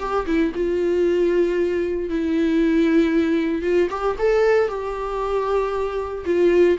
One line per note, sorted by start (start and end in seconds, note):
0.00 0.26 G4
0.27 0.53 E4
0.55 2.10 F4
2.10 3.63 E4
3.63 3.89 F4
3.91 4.17 G4
4.19 4.69 A4
4.69 6.25 G4
6.26 6.78 F4